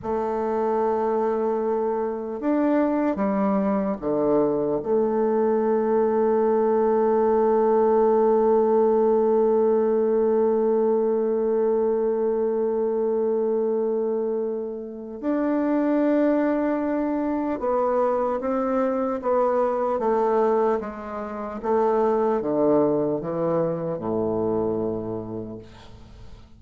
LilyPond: \new Staff \with { instrumentName = "bassoon" } { \time 4/4 \tempo 4 = 75 a2. d'4 | g4 d4 a2~ | a1~ | a1~ |
a2. d'4~ | d'2 b4 c'4 | b4 a4 gis4 a4 | d4 e4 a,2 | }